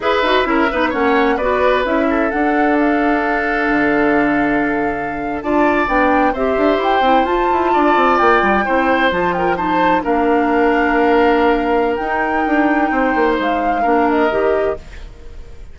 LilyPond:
<<
  \new Staff \with { instrumentName = "flute" } { \time 4/4 \tempo 4 = 130 e''2 fis''4 d''4 | e''4 fis''4 f''2~ | f''2.~ f''8. a''16~ | a''8. g''4 e''4 g''4 a''16~ |
a''4.~ a''16 g''2 a''16~ | a''16 g''8 a''4 f''2~ f''16~ | f''2 g''2~ | g''4 f''4. dis''4. | }
  \new Staff \with { instrumentName = "oboe" } { \time 4/4 b'4 ais'8 b'8 cis''4 b'4~ | b'8 a'2.~ a'8~ | a'2.~ a'8. d''16~ | d''4.~ d''16 c''2~ c''16~ |
c''8. d''2 c''4~ c''16~ | c''16 ais'8 c''4 ais'2~ ais'16~ | ais'1 | c''2 ais'2 | }
  \new Staff \with { instrumentName = "clarinet" } { \time 4/4 gis'8 fis'8 e'8 dis'8 cis'4 fis'4 | e'4 d'2.~ | d'2.~ d'8. f'16~ | f'8. d'4 g'4. e'8 f'16~ |
f'2~ f'8. e'4 f'16~ | f'8. dis'4 d'2~ d'16~ | d'2 dis'2~ | dis'2 d'4 g'4 | }
  \new Staff \with { instrumentName = "bassoon" } { \time 4/4 e'8 dis'8 cis'8 b8 ais4 b4 | cis'4 d'2. | d2.~ d8. d'16~ | d'8. b4 c'8 d'8 e'8 c'8 f'16~ |
f'16 e'8 d'8 c'8 ais8 g8 c'4 f16~ | f4.~ f16 ais2~ ais16~ | ais2 dis'4 d'4 | c'8 ais8 gis4 ais4 dis4 | }
>>